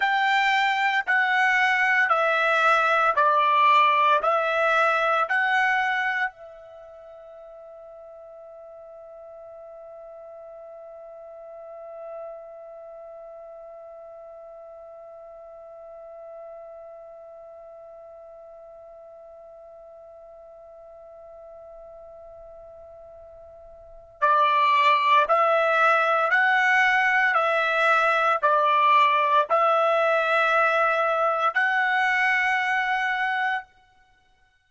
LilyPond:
\new Staff \with { instrumentName = "trumpet" } { \time 4/4 \tempo 4 = 57 g''4 fis''4 e''4 d''4 | e''4 fis''4 e''2~ | e''1~ | e''1~ |
e''1~ | e''2. d''4 | e''4 fis''4 e''4 d''4 | e''2 fis''2 | }